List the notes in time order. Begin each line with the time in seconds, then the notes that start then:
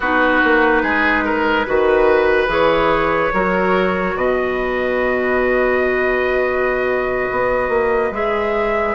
0.00 B3 D#4 F#4 B4
0.43 A#3
0.82 G#3 G#4
1.24 A#4
1.66 D#3 F#4 B4
2.47 E3 G#4 C#5
3.33 F#3 F#4 A#4
4.15 B2 B4 D#5
7.31 B3
7.68 A#3
8.11 G#3 G#4 E5